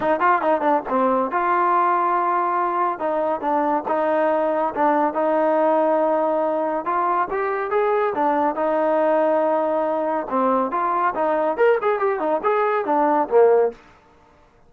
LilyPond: \new Staff \with { instrumentName = "trombone" } { \time 4/4 \tempo 4 = 140 dis'8 f'8 dis'8 d'8 c'4 f'4~ | f'2. dis'4 | d'4 dis'2 d'4 | dis'1 |
f'4 g'4 gis'4 d'4 | dis'1 | c'4 f'4 dis'4 ais'8 gis'8 | g'8 dis'8 gis'4 d'4 ais4 | }